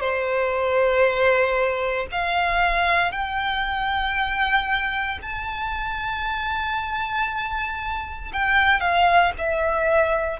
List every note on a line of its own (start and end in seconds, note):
0.00 2.07 C5
2.11 3.11 F5
3.11 5.18 G5
5.21 8.32 A5
8.32 8.80 G5
8.80 9.32 F5
9.38 10.40 E5